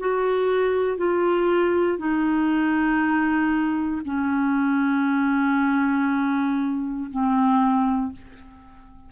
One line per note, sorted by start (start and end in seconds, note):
0.00 0.98 F#4
0.98 1.99 F4
1.99 4.02 D#4
4.05 7.10 C#4
7.11 8.13 C4